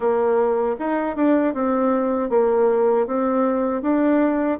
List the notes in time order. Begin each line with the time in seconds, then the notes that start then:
0.00 A#3
0.79 D#4
1.16 D4
1.53 C4
2.29 A#3
3.06 C4
3.81 D4